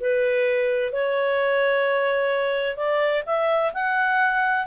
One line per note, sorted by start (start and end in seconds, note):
0.00 0.92 B4
0.92 2.77 C#5
2.77 3.23 D5
3.26 3.73 E5
3.74 4.67 F#5